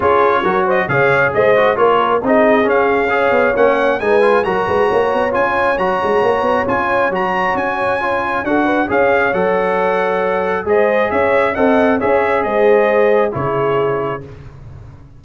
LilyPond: <<
  \new Staff \with { instrumentName = "trumpet" } { \time 4/4 \tempo 4 = 135 cis''4. dis''8 f''4 dis''4 | cis''4 dis''4 f''2 | fis''4 gis''4 ais''2 | gis''4 ais''2 gis''4 |
ais''4 gis''2 fis''4 | f''4 fis''2. | dis''4 e''4 fis''4 e''4 | dis''2 cis''2 | }
  \new Staff \with { instrumentName = "horn" } { \time 4/4 gis'4 ais'8 c''8 cis''4 c''4 | ais'4 gis'2 cis''4~ | cis''4 b'4 ais'8 b'8 cis''4~ | cis''1~ |
cis''2. a'8 b'8 | cis''1 | c''4 cis''4 dis''4 cis''4 | c''2 gis'2 | }
  \new Staff \with { instrumentName = "trombone" } { \time 4/4 f'4 fis'4 gis'4. fis'8 | f'4 dis'4 cis'4 gis'4 | cis'4 dis'8 f'8 fis'2 | f'4 fis'2 f'4 |
fis'2 f'4 fis'4 | gis'4 a'2. | gis'2 a'4 gis'4~ | gis'2 e'2 | }
  \new Staff \with { instrumentName = "tuba" } { \time 4/4 cis'4 fis4 cis4 gis4 | ais4 c'4 cis'4. b8 | ais4 gis4 fis8 gis8 ais8 b8 | cis'4 fis8 gis8 ais8 b8 cis'4 |
fis4 cis'2 d'4 | cis'4 fis2. | gis4 cis'4 c'4 cis'4 | gis2 cis2 | }
>>